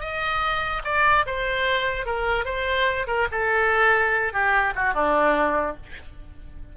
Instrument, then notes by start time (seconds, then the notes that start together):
oboe
0.00 D#5
0.84 D5
1.26 C5
2.05 A#4
2.45 C5
3.07 A#4
3.31 A4
4.33 G4
4.75 F#4
4.94 D4